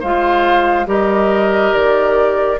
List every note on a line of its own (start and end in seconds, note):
0.00 0.87 G#3
0.00 0.86 F4
0.00 0.86 C5
0.00 0.88 F5
0.86 1.72 G3
0.86 2.57 G4
0.86 2.60 A#4
0.86 1.74 D#5
1.74 2.60 D#3
1.74 2.59 D5